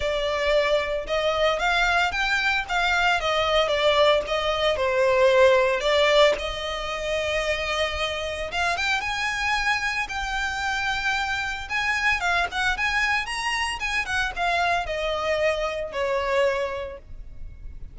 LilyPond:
\new Staff \with { instrumentName = "violin" } { \time 4/4 \tempo 4 = 113 d''2 dis''4 f''4 | g''4 f''4 dis''4 d''4 | dis''4 c''2 d''4 | dis''1 |
f''8 g''8 gis''2 g''4~ | g''2 gis''4 f''8 fis''8 | gis''4 ais''4 gis''8 fis''8 f''4 | dis''2 cis''2 | }